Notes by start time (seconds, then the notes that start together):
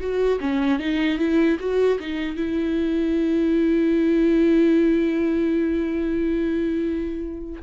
0.00 F#4
0.41 C#4
0.80 D#4
1.19 E4
1.60 F#4
2.00 D#4
2.36 E4